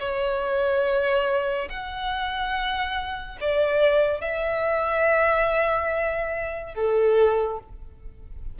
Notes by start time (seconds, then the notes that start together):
0.00 C#5
1.69 F#5
3.41 D5
4.21 E5
6.75 A4